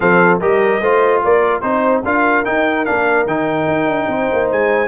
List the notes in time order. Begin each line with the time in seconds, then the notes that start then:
0.00 F3 C4 A4 F5
0.40 G3 G4 A#4 D#5
0.80 A3 F4 C5
1.23 A#3 A#4 D5
1.60 C4 D#4 C5
2.04 D4 F4 A#4 F5
2.44 D#4 G5
2.85 A#3 D4 F5
3.26 D#3 D#4 G5
3.67 D#4
3.86 D4
4.07 C4 C5
4.32 A#3
4.51 G#3 G#5